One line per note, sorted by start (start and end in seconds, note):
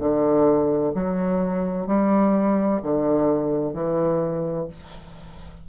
0.00 0.94 D3
0.95 1.87 F#3
1.87 2.81 G3
2.83 3.74 D3
3.74 4.67 E3